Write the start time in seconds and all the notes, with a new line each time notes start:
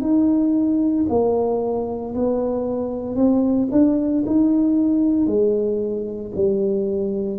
0.00 D#4
1.09 A#3
2.14 B3
3.15 C4
3.71 D4
4.26 D#4
5.26 G#3
6.35 G3